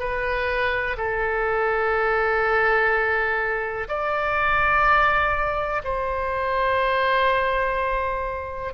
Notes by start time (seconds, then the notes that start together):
0.00 B4
0.98 A4
3.89 D5
5.84 C5